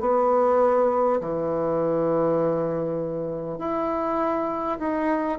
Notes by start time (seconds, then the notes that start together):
0.00 B3
1.21 E3
3.58 E4
4.79 D#4